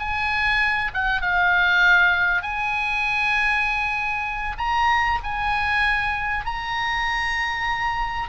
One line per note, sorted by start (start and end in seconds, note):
0.00 0.92 G#5
0.94 1.22 F#5
1.22 2.43 F5
2.43 4.57 G#5
4.58 5.19 A#5
5.24 6.46 G#5
6.46 8.29 A#5